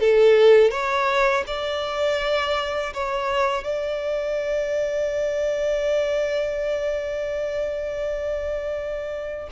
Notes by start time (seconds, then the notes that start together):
0.00 A4
0.71 C#5
1.47 D5
2.94 C#5
3.64 D5